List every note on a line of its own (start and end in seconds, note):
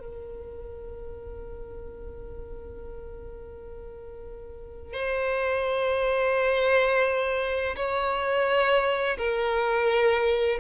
0.00 4.93 A#4
4.93 7.76 C5
7.76 9.17 C#5
9.18 10.59 A#4